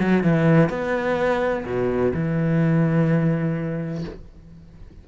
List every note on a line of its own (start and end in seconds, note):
0.00 0.24 F#3
0.24 0.70 E3
0.70 1.65 B3
1.66 2.13 B2
2.14 4.05 E3